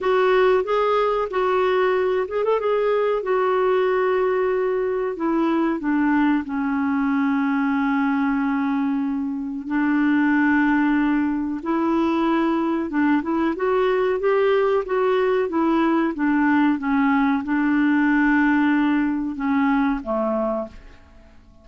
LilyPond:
\new Staff \with { instrumentName = "clarinet" } { \time 4/4 \tempo 4 = 93 fis'4 gis'4 fis'4. gis'16 a'16 | gis'4 fis'2. | e'4 d'4 cis'2~ | cis'2. d'4~ |
d'2 e'2 | d'8 e'8 fis'4 g'4 fis'4 | e'4 d'4 cis'4 d'4~ | d'2 cis'4 a4 | }